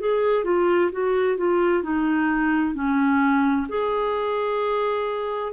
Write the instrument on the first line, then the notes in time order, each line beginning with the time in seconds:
clarinet
0.00 G#4
0.44 F4
0.92 F#4
1.37 F4
1.83 D#4
2.75 C#4
3.69 G#4